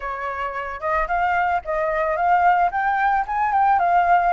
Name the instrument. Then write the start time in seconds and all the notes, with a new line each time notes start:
flute
0.00 C#5
0.80 D#5
1.07 F5
1.65 D#5
2.16 F5
2.71 G5
3.27 G#5
3.52 G5
3.79 F5